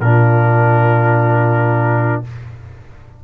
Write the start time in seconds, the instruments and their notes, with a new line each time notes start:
0.00 tuba A#2, trombone D4, horn F4, trumpet A#4